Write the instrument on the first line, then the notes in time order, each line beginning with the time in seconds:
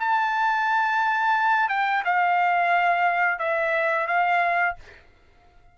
trumpet
0.00 A5
1.70 G5
2.05 F5
3.39 E5
4.08 F5